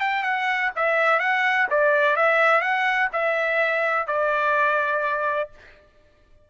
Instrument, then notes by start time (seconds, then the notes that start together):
trumpet
0.00 G5
0.23 F#5
0.75 E5
1.19 F#5
1.70 D5
2.16 E5
2.61 F#5
3.12 E5
4.07 D5